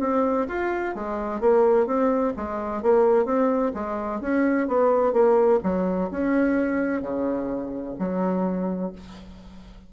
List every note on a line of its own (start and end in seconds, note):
0.00 0.47 C4
0.48 0.95 F4
0.95 1.41 G#3
1.41 1.87 A#3
1.87 2.34 C4
2.37 2.83 G#3
2.83 3.26 A#3
3.26 3.72 C4
3.74 4.21 G#3
4.21 4.68 C#4
4.68 5.13 B3
5.13 5.60 A#3
5.63 6.10 F#3
6.11 7.02 C#4
7.02 7.96 C#3
7.99 8.93 F#3